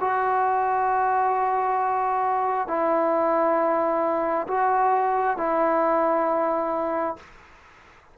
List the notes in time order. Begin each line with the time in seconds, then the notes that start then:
0.00 F#4
2.67 E4
4.48 F#4
5.37 E4